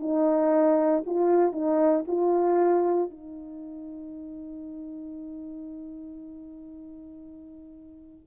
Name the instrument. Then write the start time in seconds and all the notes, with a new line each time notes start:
horn
0.00 D#4
1.06 F4
1.52 D#4
2.08 F4
3.10 D#4